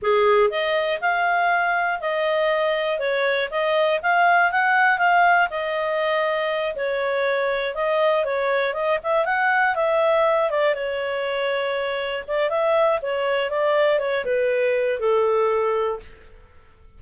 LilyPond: \new Staff \with { instrumentName = "clarinet" } { \time 4/4 \tempo 4 = 120 gis'4 dis''4 f''2 | dis''2 cis''4 dis''4 | f''4 fis''4 f''4 dis''4~ | dis''4. cis''2 dis''8~ |
dis''8 cis''4 dis''8 e''8 fis''4 e''8~ | e''4 d''8 cis''2~ cis''8~ | cis''8 d''8 e''4 cis''4 d''4 | cis''8 b'4. a'2 | }